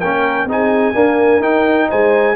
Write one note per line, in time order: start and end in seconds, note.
0.00 0.45 A#3
0.00 0.48 C#4
0.00 0.47 A#4
0.00 0.47 G5
0.45 0.92 C4
0.45 0.94 D#4
0.45 0.95 G#4
0.52 1.42 G#5
0.94 1.41 A#3
0.94 1.40 D4
0.94 1.89 A#4
1.40 1.87 D#4
1.40 2.36 D#4
1.40 1.89 G5
1.89 2.36 G#3
1.89 2.36 C5
1.89 2.36 G#5